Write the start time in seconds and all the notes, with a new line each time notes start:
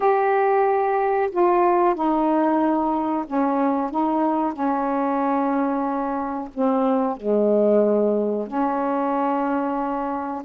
0.00 G4
1.31 F4
1.94 D#4
3.26 C#4
3.90 D#4
4.53 C#4
6.54 C4
7.17 G#3
8.47 C#4